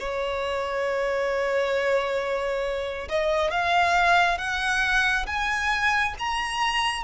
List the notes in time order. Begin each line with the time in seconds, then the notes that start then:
0.00 C#5
3.09 D#5
3.51 F5
4.38 F#5
5.27 G#5
6.19 A#5